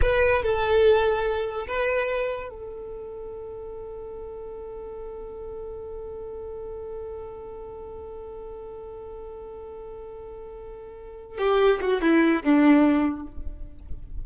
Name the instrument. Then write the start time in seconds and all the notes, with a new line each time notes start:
violin
0.01 B4
0.43 A4
1.67 B4
2.49 A4
11.38 G4
11.80 F#4
12.01 E4
12.43 D4